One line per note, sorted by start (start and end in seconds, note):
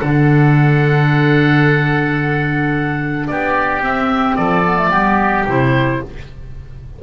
0.00 3.29 D3
0.00 3.82 D4
0.00 3.27 A4
0.00 3.28 F#5
3.28 3.81 B3
3.28 4.38 G4
3.28 3.82 D5
3.81 4.36 C4
3.81 4.64 C4
3.81 4.36 E5
4.36 4.90 F3
4.36 4.90 A4
4.36 5.45 D5
4.65 4.78 B3
4.78 4.91 A3
4.90 5.45 G3
4.90 5.46 B3
4.90 5.99 G4
5.47 6.01 C3
5.47 6.03 E4
5.47 6.03 C5